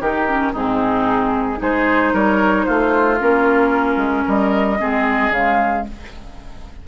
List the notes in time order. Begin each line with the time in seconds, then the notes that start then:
0.00 D#3 D#4 G4 A#4
0.27 C#4
0.52 G#2 C4 D#4 G#4
1.57 G#3 D#4 G#4 C5
2.13 G3 A#4 C#5
2.64 A3 F4 C5
3.20 A#3 C#4 A#4
3.96 G#3
4.24 G3 A#4 D#5
4.79 G#3 C4 G#4
5.30 C#3 G#3 F5